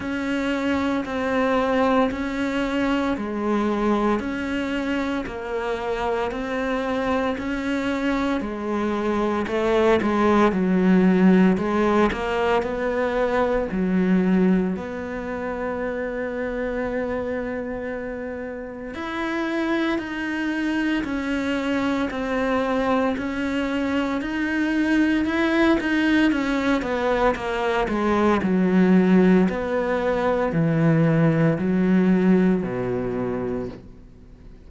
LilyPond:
\new Staff \with { instrumentName = "cello" } { \time 4/4 \tempo 4 = 57 cis'4 c'4 cis'4 gis4 | cis'4 ais4 c'4 cis'4 | gis4 a8 gis8 fis4 gis8 ais8 | b4 fis4 b2~ |
b2 e'4 dis'4 | cis'4 c'4 cis'4 dis'4 | e'8 dis'8 cis'8 b8 ais8 gis8 fis4 | b4 e4 fis4 b,4 | }